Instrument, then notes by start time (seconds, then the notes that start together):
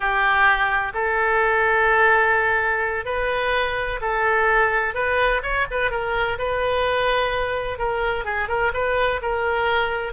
oboe
0.00 G4
0.94 A4
3.05 B4
4.01 A4
4.94 B4
5.42 C#5
5.71 B4
5.90 A#4
6.38 B4
7.78 A#4
8.24 G#4
8.48 A#4
8.73 B4
9.21 A#4